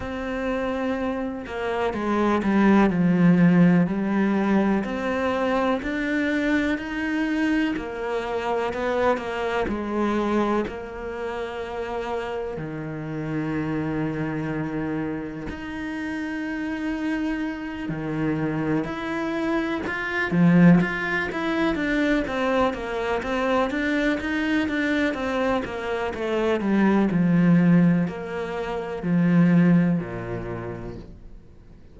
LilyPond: \new Staff \with { instrumentName = "cello" } { \time 4/4 \tempo 4 = 62 c'4. ais8 gis8 g8 f4 | g4 c'4 d'4 dis'4 | ais4 b8 ais8 gis4 ais4~ | ais4 dis2. |
dis'2~ dis'8 dis4 e'8~ | e'8 f'8 f8 f'8 e'8 d'8 c'8 ais8 | c'8 d'8 dis'8 d'8 c'8 ais8 a8 g8 | f4 ais4 f4 ais,4 | }